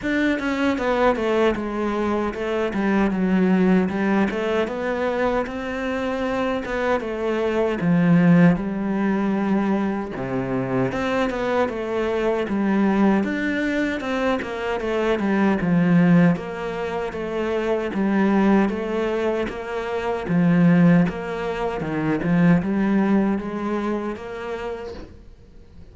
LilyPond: \new Staff \with { instrumentName = "cello" } { \time 4/4 \tempo 4 = 77 d'8 cis'8 b8 a8 gis4 a8 g8 | fis4 g8 a8 b4 c'4~ | c'8 b8 a4 f4 g4~ | g4 c4 c'8 b8 a4 |
g4 d'4 c'8 ais8 a8 g8 | f4 ais4 a4 g4 | a4 ais4 f4 ais4 | dis8 f8 g4 gis4 ais4 | }